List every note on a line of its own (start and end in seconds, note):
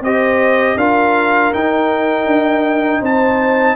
0.00 0.75 C4
0.00 0.79 G4
0.00 0.78 C5
0.00 0.78 D#5
0.76 1.51 D4
0.76 1.54 F4
0.76 3.00 A#4
0.76 1.53 F5
1.53 2.25 D#4
1.53 3.76 D#4
1.53 3.03 G5
2.25 3.00 D4
3.00 3.76 C4
3.00 3.75 C5
3.00 3.76 A5